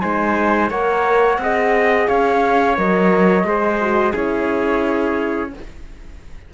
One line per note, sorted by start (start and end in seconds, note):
0.00 0.71 G#3
0.00 0.70 D#4
0.00 0.70 C5
0.00 0.69 G#5
0.70 1.38 A#3
0.70 1.39 A#4
0.70 1.39 C#5
0.70 2.08 F#5
1.38 2.07 C4
1.38 2.77 G#4
1.38 2.09 D#5
2.08 2.78 C#4
2.08 3.47 C#5
2.08 2.77 F5
2.77 3.44 F#3
2.77 3.45 A#4
2.77 4.15 D#5
3.44 4.13 G#3
3.44 3.80 G#4
3.44 4.12 C5
3.81 4.13 F#4
4.12 5.53 C#4
4.12 5.51 E4
4.12 5.50 G#4
4.12 5.54 C#5